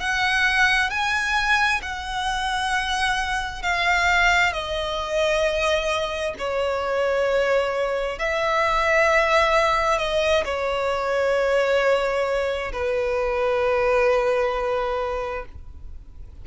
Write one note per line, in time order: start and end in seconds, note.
0.00 0.90 F#5
0.90 1.81 G#5
1.82 3.62 F#5
3.62 4.52 F5
4.52 6.34 D#5
6.38 8.19 C#5
8.19 9.98 E5
9.98 10.44 D#5
10.45 12.72 C#5
12.73 15.45 B4